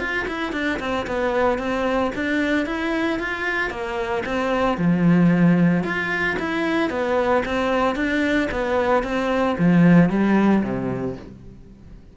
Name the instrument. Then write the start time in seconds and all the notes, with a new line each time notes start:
cello
0.00 F4
0.28 E4
0.52 D4
0.80 C4
1.07 B3
1.58 C4
2.15 D4
2.66 E4
3.19 F4
3.70 A#3
4.26 C4
4.78 F3
5.84 F4
6.39 E4
6.90 B3
7.45 C4
7.95 D4
8.51 B3
9.03 C4
9.58 F3
10.10 G3
10.63 C3